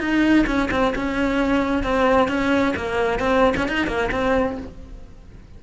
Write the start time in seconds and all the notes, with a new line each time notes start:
0.00 D#4
0.47 C#4
0.71 C4
0.96 C#4
1.84 C4
2.28 C#4
2.76 A#3
3.20 C4
3.57 C#4
3.68 D#4
3.87 A#3
4.12 C4